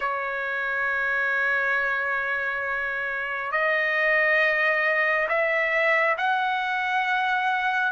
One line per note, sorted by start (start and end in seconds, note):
0.00 3.51 C#5
3.51 5.27 D#5
5.28 6.16 E5
6.17 7.92 F#5